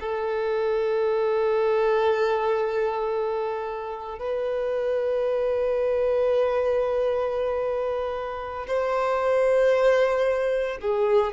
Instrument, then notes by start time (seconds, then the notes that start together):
violin
0.00 A4
4.19 B4
8.67 C5
10.81 G#4